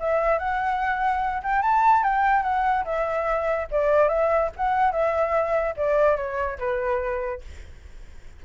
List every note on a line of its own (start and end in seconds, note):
0.00 0.39 E5
0.39 1.42 F#5
1.43 1.62 G5
1.62 2.04 A5
2.04 2.43 G5
2.43 2.84 F#5
2.85 3.67 E5
3.71 4.09 D5
4.09 4.50 E5
4.57 4.92 F#5
4.92 5.75 E5
5.77 6.17 D5
6.17 6.58 C#5
6.59 7.41 B4